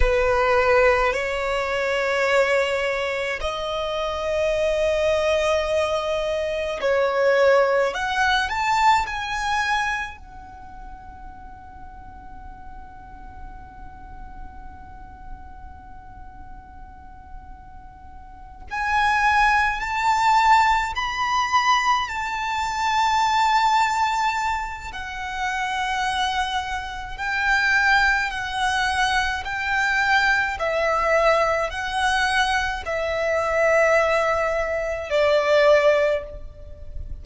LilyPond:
\new Staff \with { instrumentName = "violin" } { \time 4/4 \tempo 4 = 53 b'4 cis''2 dis''4~ | dis''2 cis''4 fis''8 a''8 | gis''4 fis''2.~ | fis''1~ |
fis''8 gis''4 a''4 b''4 a''8~ | a''2 fis''2 | g''4 fis''4 g''4 e''4 | fis''4 e''2 d''4 | }